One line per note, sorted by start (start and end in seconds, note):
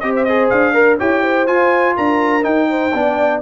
0.00 0.51 C4
0.00 0.27 G4
0.00 0.74 C5
0.00 0.12 D#5
0.16 0.24 E5
0.24 0.74 G#4
0.24 0.48 D#5
0.50 1.00 D4
0.50 0.98 F5
0.74 0.98 A#4
0.98 1.49 E4
0.98 1.47 G4
0.98 1.22 C#5
0.98 1.47 G5
1.22 1.95 C5
1.47 2.42 F4
1.47 1.97 F4
1.47 1.95 G#5
1.96 2.45 D4
1.96 2.68 A#4
1.96 2.44 A#5
2.42 2.90 D#4
2.42 2.93 D#4
2.42 3.41 G5
2.70 2.94 C5
2.94 3.41 B3
2.94 3.41 D4
2.94 3.41 D5